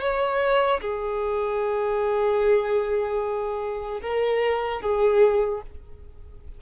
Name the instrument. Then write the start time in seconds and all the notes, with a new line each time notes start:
violin
0.00 C#5
0.81 G#4
4.01 A#4
4.81 G#4